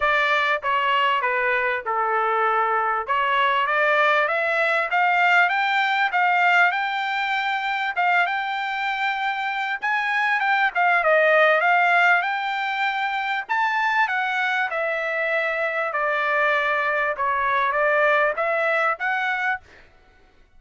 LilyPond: \new Staff \with { instrumentName = "trumpet" } { \time 4/4 \tempo 4 = 98 d''4 cis''4 b'4 a'4~ | a'4 cis''4 d''4 e''4 | f''4 g''4 f''4 g''4~ | g''4 f''8 g''2~ g''8 |
gis''4 g''8 f''8 dis''4 f''4 | g''2 a''4 fis''4 | e''2 d''2 | cis''4 d''4 e''4 fis''4 | }